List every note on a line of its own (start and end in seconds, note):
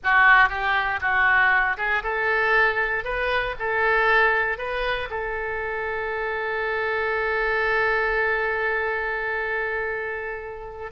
0.03 0.49 F#4
0.49 1.00 G4
1.00 1.77 F#4
1.77 2.02 G#4
2.03 3.04 A4
3.04 3.55 B4
3.59 4.57 A4
4.57 5.08 B4
5.10 10.91 A4